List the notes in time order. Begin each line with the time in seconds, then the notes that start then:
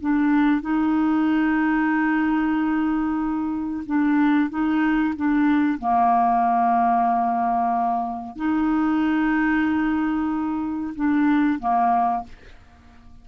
0.00 D4
0.61 D#4
3.86 D4
4.49 D#4
5.16 D4
5.78 A#3
8.36 D#4
10.95 D4
11.59 A#3